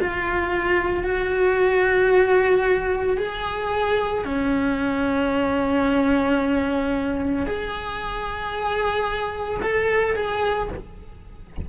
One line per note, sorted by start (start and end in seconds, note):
0.00 1.03 F4
1.03 3.17 F#4
3.17 4.24 G#4
4.24 7.46 C#4
7.46 9.60 G#4
9.62 10.15 A4
10.15 10.69 G#4